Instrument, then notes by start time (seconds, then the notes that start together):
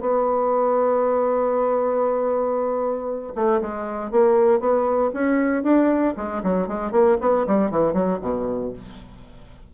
bassoon
0.00 B3
3.35 A3
3.61 G#3
4.11 A#3
4.60 B3
5.13 C#4
5.63 D4
6.17 G#3
6.43 F#3
6.67 G#3
6.91 A#3
7.21 B3
7.46 G3
7.70 E3
7.93 F#3
8.21 B2